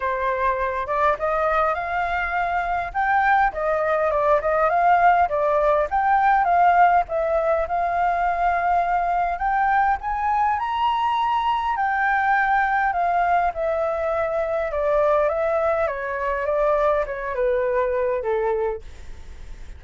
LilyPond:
\new Staff \with { instrumentName = "flute" } { \time 4/4 \tempo 4 = 102 c''4. d''8 dis''4 f''4~ | f''4 g''4 dis''4 d''8 dis''8 | f''4 d''4 g''4 f''4 | e''4 f''2. |
g''4 gis''4 ais''2 | g''2 f''4 e''4~ | e''4 d''4 e''4 cis''4 | d''4 cis''8 b'4. a'4 | }